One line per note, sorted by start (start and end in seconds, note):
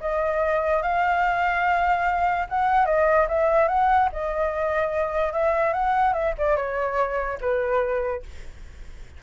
0.00 0.82 D#5
0.82 2.46 F5
2.49 2.85 F#5
2.85 3.27 D#5
3.28 3.68 E5
3.68 4.09 F#5
4.12 5.32 D#5
5.32 5.73 E5
5.73 6.13 F#5
6.13 6.34 E5
6.38 6.56 D5
6.56 7.38 C#5
7.40 8.23 B4